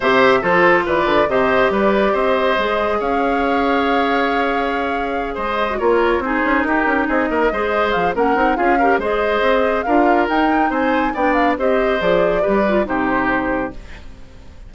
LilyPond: <<
  \new Staff \with { instrumentName = "flute" } { \time 4/4 \tempo 4 = 140 e''4 c''4 d''4 dis''4 | d''4 dis''2 f''4~ | f''1~ | f''8 dis''4 cis''4 c''4 ais'8~ |
ais'8 dis''2 f''8 fis''4 | f''4 dis''2 f''4 | g''4 gis''4 g''8 f''8 dis''4 | d''2 c''2 | }
  \new Staff \with { instrumentName = "oboe" } { \time 4/4 c''4 a'4 b'4 c''4 | b'4 c''2 cis''4~ | cis''1~ | cis''8 c''4 ais'4 gis'4 g'8~ |
g'8 gis'8 ais'8 c''4. ais'4 | gis'8 ais'8 c''2 ais'4~ | ais'4 c''4 d''4 c''4~ | c''4 b'4 g'2 | }
  \new Staff \with { instrumentName = "clarinet" } { \time 4/4 g'4 f'2 g'4~ | g'2 gis'2~ | gis'1~ | gis'4~ gis'16 fis'16 f'4 dis'4.~ |
dis'4. gis'4. cis'8 dis'8 | f'8 g'8 gis'2 f'4 | dis'2 d'4 g'4 | gis'4 g'8 f'8 dis'2 | }
  \new Staff \with { instrumentName = "bassoon" } { \time 4/4 c4 f4 e8 d8 c4 | g4 c'4 gis4 cis'4~ | cis'1~ | cis'8 gis4 ais4 c'8 cis'8 dis'8 |
cis'8 c'8 ais8 gis4 f8 ais8 c'8 | cis'4 gis4 c'4 d'4 | dis'4 c'4 b4 c'4 | f4 g4 c2 | }
>>